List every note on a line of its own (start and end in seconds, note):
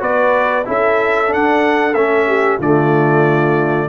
0.00 0.67 B3
0.00 0.65 F#4
0.00 0.66 B4
0.00 0.67 D5
0.66 1.33 C#4
0.66 1.28 E4
0.66 2.27 A4
0.66 1.33 E5
1.28 1.92 D4
1.28 1.95 D4
1.28 1.94 F#5
1.94 2.59 A3
1.94 2.61 C#4
1.94 2.59 E5
2.27 2.58 G4
2.58 3.89 D3
2.58 3.89 A3
2.58 3.87 F4
2.58 3.89 D5